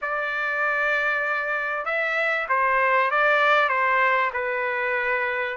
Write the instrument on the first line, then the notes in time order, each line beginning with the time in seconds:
trumpet
0.01 D5
1.85 E5
2.49 C5
3.10 D5
3.69 C5
4.33 B4